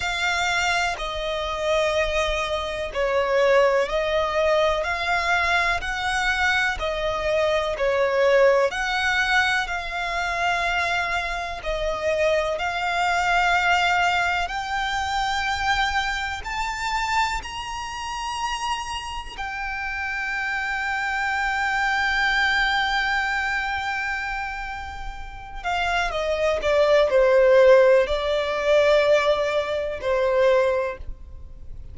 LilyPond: \new Staff \with { instrumentName = "violin" } { \time 4/4 \tempo 4 = 62 f''4 dis''2 cis''4 | dis''4 f''4 fis''4 dis''4 | cis''4 fis''4 f''2 | dis''4 f''2 g''4~ |
g''4 a''4 ais''2 | g''1~ | g''2~ g''8 f''8 dis''8 d''8 | c''4 d''2 c''4 | }